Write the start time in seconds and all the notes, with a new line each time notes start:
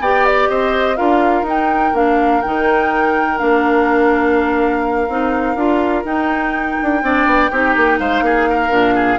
0.00 B3 G4 D5 G5
0.26 D5
0.49 C4 C5 D#5
0.96 D4 F4 A#4 F5
1.42 D#4
1.49 G5
1.93 A#3 D4 F5
2.41 D#3 D#4 G5
3.38 A#3 D4 F5
5.08 C4 D#4
5.55 D4 F4
6.04 D#4 G5
6.82 D4
7.02 C4 D4 D5
7.26 B3
7.51 C4 D#4 G4
7.76 A#3
7.99 G#3 C5 F5
8.21 A#3 G#4
8.49 A#4
8.70 A#2 D4
8.95 G#4